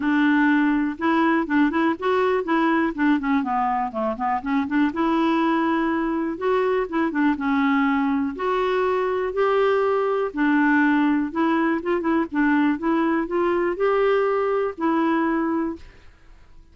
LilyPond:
\new Staff \with { instrumentName = "clarinet" } { \time 4/4 \tempo 4 = 122 d'2 e'4 d'8 e'8 | fis'4 e'4 d'8 cis'8 b4 | a8 b8 cis'8 d'8 e'2~ | e'4 fis'4 e'8 d'8 cis'4~ |
cis'4 fis'2 g'4~ | g'4 d'2 e'4 | f'8 e'8 d'4 e'4 f'4 | g'2 e'2 | }